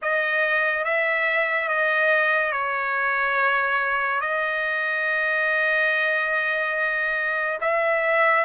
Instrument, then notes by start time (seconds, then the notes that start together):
trumpet
0.02 D#5
0.84 E5
1.68 D#5
2.52 C#5
4.20 D#5
7.60 E5